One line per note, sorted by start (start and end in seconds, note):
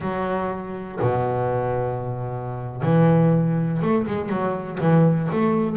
0.00 0.99 F#3
1.01 2.82 B2
2.82 3.80 E3
3.81 4.06 A3
4.07 4.29 G#3
4.29 4.78 F#3
4.80 5.29 E3
5.32 5.77 A3